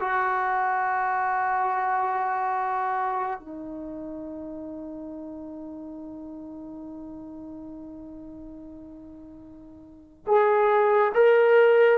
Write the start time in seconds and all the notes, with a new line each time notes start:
0.00 F#4
3.39 D#4
10.27 G#4
11.14 A#4